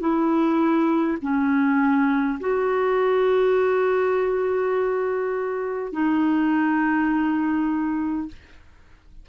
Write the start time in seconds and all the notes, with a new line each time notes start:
0.00 E4
1.21 C#4
2.40 F#4
5.92 D#4